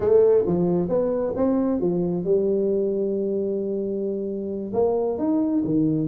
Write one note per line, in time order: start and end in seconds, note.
0.00 0.44 A3
0.46 0.88 F3
0.88 1.33 B3
1.36 1.80 C4
1.80 2.24 F3
2.24 4.72 G3
4.73 5.18 A#3
5.18 5.63 D#4
5.65 6.07 D#3